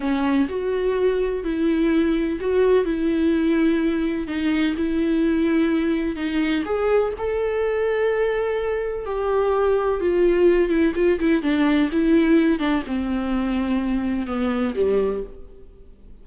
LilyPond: \new Staff \with { instrumentName = "viola" } { \time 4/4 \tempo 4 = 126 cis'4 fis'2 e'4~ | e'4 fis'4 e'2~ | e'4 dis'4 e'2~ | e'4 dis'4 gis'4 a'4~ |
a'2. g'4~ | g'4 f'4. e'8 f'8 e'8 | d'4 e'4. d'8 c'4~ | c'2 b4 g4 | }